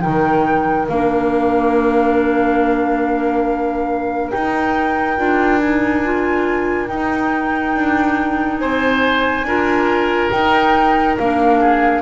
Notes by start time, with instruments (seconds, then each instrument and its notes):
0.00 double bass D#3, clarinet D#4, oboe A#4, flute G5
0.88 double bass A#3, clarinet D4, flute F5
4.31 clarinet D#4, double bass D#4, flute G5
5.17 double bass D4, clarinet F4
5.58 clarinet D#4, flute G#5
6.04 clarinet F4
6.87 clarinet D#4, double bass D#4, flute G5
7.74 double bass D4
8.57 double bass C4, oboe C5, flute G#5
9.43 double bass D4, clarinet F4, oboe A#4
10.30 double bass D#4, clarinet D#4, flute G5
11.17 double bass A#3, clarinet D4, flute F5
11.59 oboe G#4